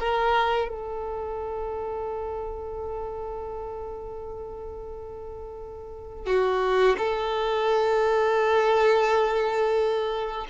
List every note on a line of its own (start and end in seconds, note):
0.00 0.69 A#4
0.69 6.27 A4
6.27 6.97 F#4
6.98 10.47 A4